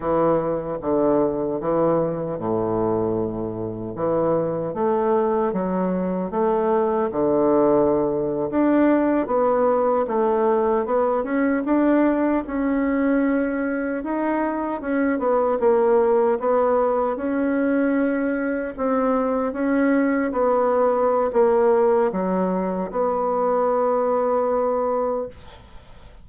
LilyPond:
\new Staff \with { instrumentName = "bassoon" } { \time 4/4 \tempo 4 = 76 e4 d4 e4 a,4~ | a,4 e4 a4 fis4 | a4 d4.~ d16 d'4 b16~ | b8. a4 b8 cis'8 d'4 cis'16~ |
cis'4.~ cis'16 dis'4 cis'8 b8 ais16~ | ais8. b4 cis'2 c'16~ | c'8. cis'4 b4~ b16 ais4 | fis4 b2. | }